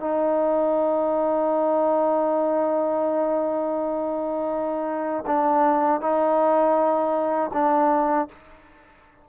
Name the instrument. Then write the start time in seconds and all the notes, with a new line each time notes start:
trombone
0.00 D#4
5.26 D4
6.01 D#4
7.53 D4